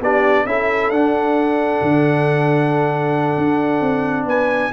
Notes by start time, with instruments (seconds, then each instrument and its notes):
0.00 tuba B3, trombone D4, horn G4, trumpet D5
0.45 tuba C#4, trombone E4, horn A4, trumpet E5
0.90 tuba D4, trombone D4, trumpet F#5
1.81 tuba D3
3.37 tuba D4
3.81 tuba C4
4.25 tuba B3, horn B4, trumpet G#5